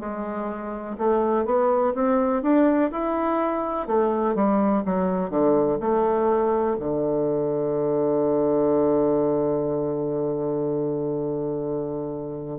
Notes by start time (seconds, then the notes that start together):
0.00 G#3
0.98 A3
1.45 B3
1.94 C4
2.42 D4
2.91 E4
3.88 A3
4.35 G3
4.86 F#3
5.30 D3
5.80 A3
6.80 D3